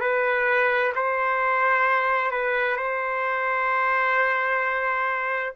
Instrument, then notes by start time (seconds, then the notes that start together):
trumpet
0.00 B4
0.95 C5
2.31 B4
2.76 C5